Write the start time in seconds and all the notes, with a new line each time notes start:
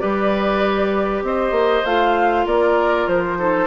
0.00 G3 G4 B4 D5
1.23 C4 C5 D#5
1.52 A#3
1.85 A3 F4 F5
2.46 A#3 A#4 D5
3.08 F3 C5
3.39 D#4 A4